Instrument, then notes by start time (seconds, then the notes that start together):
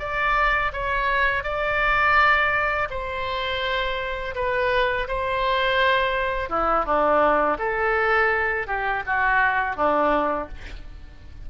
oboe
0.00 D5
0.73 C#5
1.44 D5
2.91 C5
4.35 B4
5.08 C5
6.50 E4
6.86 D4
7.59 A4
8.67 G4
9.07 F#4
9.77 D4